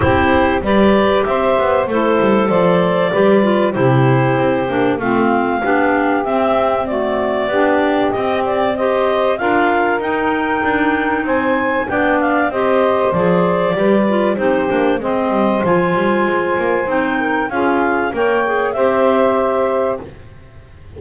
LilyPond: <<
  \new Staff \with { instrumentName = "clarinet" } { \time 4/4 \tempo 4 = 96 c''4 d''4 e''4 c''4 | d''2 c''2 | f''2 e''4 d''4~ | d''4 dis''8 d''8 dis''4 f''4 |
g''2 gis''4 g''8 f''8 | dis''4 d''2 c''4 | dis''4 gis''2 g''4 | f''4 g''4 e''2 | }
  \new Staff \with { instrumentName = "saxophone" } { \time 4/4 g'4 b'4 c''4 e'4 | c''4 b'4 g'2 | f'4 g'2 fis'4 | g'2 c''4 ais'4~ |
ais'2 c''4 d''4 | c''2 b'4 g'4 | c''2.~ c''8 ais'8 | gis'4 cis''4 c''2 | }
  \new Staff \with { instrumentName = "clarinet" } { \time 4/4 e'4 g'2 a'4~ | a'4 g'8 f'8 e'4. d'8 | c'4 d'4 c'4 a4 | d'4 c'4 g'4 f'4 |
dis'2. d'4 | g'4 gis'4 g'8 f'8 dis'8 d'8 | c'4 f'2 dis'4 | f'4 ais'8 gis'8 g'2 | }
  \new Staff \with { instrumentName = "double bass" } { \time 4/4 c'4 g4 c'8 b8 a8 g8 | f4 g4 c4 c'8 ais8 | a4 b4 c'2 | b4 c'2 d'4 |
dis'4 d'4 c'4 b4 | c'4 f4 g4 c'8 ais8 | gis8 g8 f8 g8 gis8 ais8 c'4 | cis'4 ais4 c'2 | }
>>